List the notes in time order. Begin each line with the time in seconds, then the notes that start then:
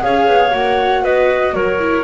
0.00 C#4 G#4 C#5 F5
0.26 B3
0.50 A#3 F#4 F#5
1.02 B3 B4 D#5
1.53 F#3 A#4 C#5
1.79 E4